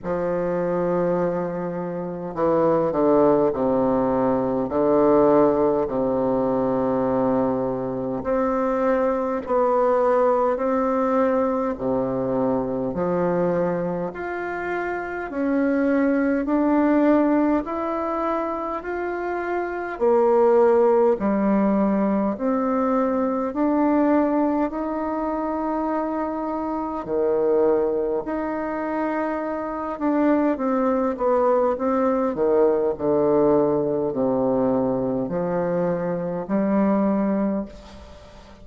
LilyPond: \new Staff \with { instrumentName = "bassoon" } { \time 4/4 \tempo 4 = 51 f2 e8 d8 c4 | d4 c2 c'4 | b4 c'4 c4 f4 | f'4 cis'4 d'4 e'4 |
f'4 ais4 g4 c'4 | d'4 dis'2 dis4 | dis'4. d'8 c'8 b8 c'8 dis8 | d4 c4 f4 g4 | }